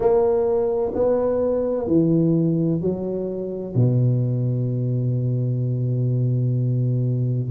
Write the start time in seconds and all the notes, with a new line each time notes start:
0.00 A#3
0.94 B3
1.87 E3
2.81 F#3
3.75 B2